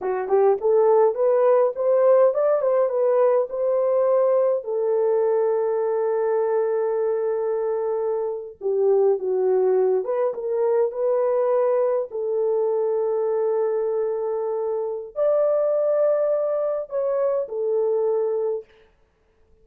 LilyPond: \new Staff \with { instrumentName = "horn" } { \time 4/4 \tempo 4 = 103 fis'8 g'8 a'4 b'4 c''4 | d''8 c''8 b'4 c''2 | a'1~ | a'2~ a'8. g'4 fis'16~ |
fis'4~ fis'16 b'8 ais'4 b'4~ b'16~ | b'8. a'2.~ a'16~ | a'2 d''2~ | d''4 cis''4 a'2 | }